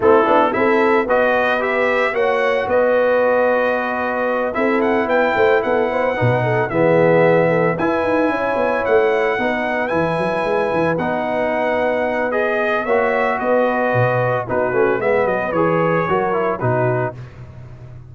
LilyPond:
<<
  \new Staff \with { instrumentName = "trumpet" } { \time 4/4 \tempo 4 = 112 a'4 e''4 dis''4 e''4 | fis''4 dis''2.~ | dis''8 e''8 fis''8 g''4 fis''4.~ | fis''8 e''2 gis''4.~ |
gis''8 fis''2 gis''4.~ | gis''8 fis''2~ fis''8 dis''4 | e''4 dis''2 b'4 | e''8 dis''8 cis''2 b'4 | }
  \new Staff \with { instrumentName = "horn" } { \time 4/4 e'4 a'4 b'2 | cis''4 b'2.~ | b'8 a'4 b'8 c''8 a'8 c''8 b'8 | a'8 gis'4. a'8 b'4 cis''8~ |
cis''4. b'2~ b'8~ | b'1 | cis''4 b'2 fis'4 | b'2 ais'4 fis'4 | }
  \new Staff \with { instrumentName = "trombone" } { \time 4/4 c'8 d'8 e'4 fis'4 g'4 | fis'1~ | fis'8 e'2. dis'8~ | dis'8 b2 e'4.~ |
e'4. dis'4 e'4.~ | e'8 dis'2~ dis'8 gis'4 | fis'2. dis'8 cis'8 | b4 gis'4 fis'8 e'8 dis'4 | }
  \new Staff \with { instrumentName = "tuba" } { \time 4/4 a8 b8 c'4 b2 | ais4 b2.~ | b8 c'4 b8 a8 b4 b,8~ | b,8 e2 e'8 dis'8 cis'8 |
b8 a4 b4 e8 fis8 gis8 | e8 b2.~ b8 | ais4 b4 b,4 b8 a8 | gis8 fis8 e4 fis4 b,4 | }
>>